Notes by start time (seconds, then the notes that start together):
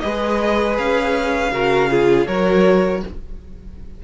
0.00 G#3 G#4 B4 D#5
0.78 C#4 F5
1.52 C#3 F#4 A#4
1.89 F4 G#4
2.26 F#3 F#4 A#4 C#5